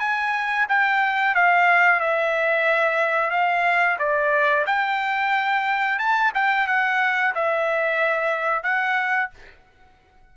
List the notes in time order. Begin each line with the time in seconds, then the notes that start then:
0.00 G#5
0.69 G5
1.35 F5
2.00 E5
3.31 F5
3.99 D5
4.67 G5
5.99 A5
6.35 G5
6.68 F#5
7.35 E5
8.64 F#5